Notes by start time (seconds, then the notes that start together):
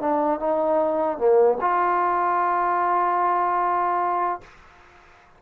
0.00 D4
0.39 D#4
1.17 A#3
1.60 F4